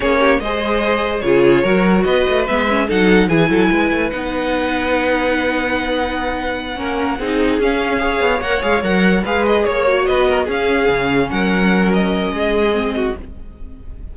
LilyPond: <<
  \new Staff \with { instrumentName = "violin" } { \time 4/4 \tempo 4 = 146 cis''4 dis''2 cis''4~ | cis''4 dis''4 e''4 fis''4 | gis''2 fis''2~ | fis''1~ |
fis''2~ fis''8 f''4.~ | f''8 fis''8 f''8 fis''4 f''8 dis''8 cis''8~ | cis''8 dis''4 f''2 fis''8~ | fis''4 dis''2. | }
  \new Staff \with { instrumentName = "violin" } { \time 4/4 gis'8 g'8 c''2 gis'4 | ais'4 b'2 a'4 | gis'8 a'8 b'2.~ | b'1~ |
b'8 ais'4 gis'2 cis''8~ | cis''2~ cis''8 b'4 cis''8~ | cis''8 b'8 ais'8 gis'2 ais'8~ | ais'2 gis'4. fis'8 | }
  \new Staff \with { instrumentName = "viola" } { \time 4/4 cis'4 gis'2 f'4 | fis'2 b8 cis'8 dis'4 | e'2 dis'2~ | dis'1~ |
dis'8 cis'4 dis'4 cis'4 gis'8~ | gis'8 ais'8 gis'8 ais'4 gis'4. | fis'4. cis'2~ cis'8~ | cis'2. c'4 | }
  \new Staff \with { instrumentName = "cello" } { \time 4/4 ais4 gis2 cis4 | fis4 b8 a8 gis4 fis4 | e8 fis8 gis8 a8 b2~ | b1~ |
b8 ais4 c'4 cis'4. | b8 ais8 gis8 fis4 gis4 ais8~ | ais8 b4 cis'4 cis4 fis8~ | fis2 gis2 | }
>>